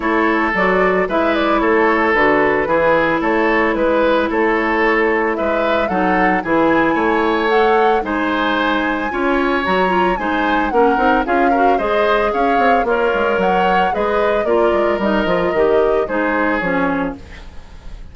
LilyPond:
<<
  \new Staff \with { instrumentName = "flute" } { \time 4/4 \tempo 4 = 112 cis''4 d''4 e''8 d''8 cis''4 | b'2 cis''4 b'4 | cis''2 e''4 fis''4 | gis''2 fis''4 gis''4~ |
gis''2 ais''4 gis''4 | fis''4 f''4 dis''4 f''4 | cis''4 fis''4 dis''4 d''4 | dis''2 c''4 cis''4 | }
  \new Staff \with { instrumentName = "oboe" } { \time 4/4 a'2 b'4 a'4~ | a'4 gis'4 a'4 b'4 | a'2 b'4 a'4 | gis'4 cis''2 c''4~ |
c''4 cis''2 c''4 | ais'4 gis'8 ais'8 c''4 cis''4 | f'4 cis''4 b'4 ais'4~ | ais'2 gis'2 | }
  \new Staff \with { instrumentName = "clarinet" } { \time 4/4 e'4 fis'4 e'2 | fis'4 e'2.~ | e'2. dis'4 | e'2 a'4 dis'4~ |
dis'4 f'4 fis'8 f'8 dis'4 | cis'8 dis'8 f'8 fis'8 gis'2 | ais'2 gis'4 f'4 | dis'8 f'8 g'4 dis'4 cis'4 | }
  \new Staff \with { instrumentName = "bassoon" } { \time 4/4 a4 fis4 gis4 a4 | d4 e4 a4 gis4 | a2 gis4 fis4 | e4 a2 gis4~ |
gis4 cis'4 fis4 gis4 | ais8 c'8 cis'4 gis4 cis'8 c'8 | ais8 gis8 fis4 gis4 ais8 gis8 | g8 f8 dis4 gis4 f4 | }
>>